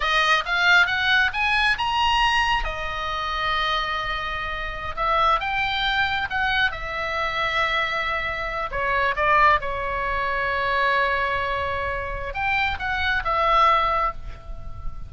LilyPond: \new Staff \with { instrumentName = "oboe" } { \time 4/4 \tempo 4 = 136 dis''4 f''4 fis''4 gis''4 | ais''2 dis''2~ | dis''2.~ dis''16 e''8.~ | e''16 g''2 fis''4 e''8.~ |
e''2.~ e''8. cis''16~ | cis''8. d''4 cis''2~ cis''16~ | cis''1 | g''4 fis''4 e''2 | }